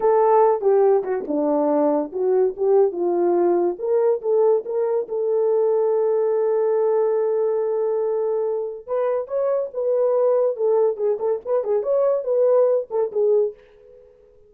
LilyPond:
\new Staff \with { instrumentName = "horn" } { \time 4/4 \tempo 4 = 142 a'4. g'4 fis'8 d'4~ | d'4 fis'4 g'4 f'4~ | f'4 ais'4 a'4 ais'4 | a'1~ |
a'1~ | a'4 b'4 cis''4 b'4~ | b'4 a'4 gis'8 a'8 b'8 gis'8 | cis''4 b'4. a'8 gis'4 | }